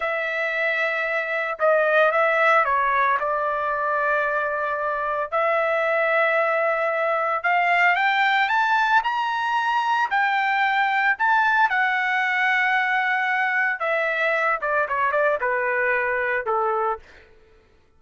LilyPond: \new Staff \with { instrumentName = "trumpet" } { \time 4/4 \tempo 4 = 113 e''2. dis''4 | e''4 cis''4 d''2~ | d''2 e''2~ | e''2 f''4 g''4 |
a''4 ais''2 g''4~ | g''4 a''4 fis''2~ | fis''2 e''4. d''8 | cis''8 d''8 b'2 a'4 | }